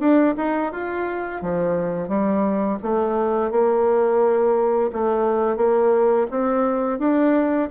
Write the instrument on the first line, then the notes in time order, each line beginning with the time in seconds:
bassoon
0.00 D4
0.37 D#4
0.72 F4
1.42 F3
2.09 G3
2.83 A3
3.51 A#3
4.93 A3
5.57 A#3
6.31 C4
6.99 D4